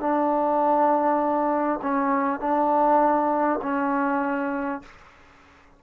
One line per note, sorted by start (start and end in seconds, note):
0.00 1.80 D4
1.82 2.40 C#4
2.40 3.60 D4
3.62 4.82 C#4